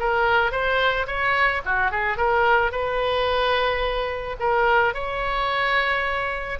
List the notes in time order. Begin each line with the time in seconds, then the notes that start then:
0.00 A#4
0.52 C5
1.07 C#5
1.66 F#4
1.92 G#4
2.17 A#4
2.72 B4
4.40 A#4
4.94 C#5